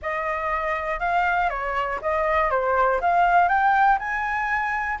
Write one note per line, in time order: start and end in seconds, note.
0.02 0.99 D#5
0.99 1.49 F5
1.49 1.99 C#5
2.01 2.50 D#5
2.50 3.00 C5
3.00 3.48 F5
3.48 3.98 G5
3.98 4.98 G#5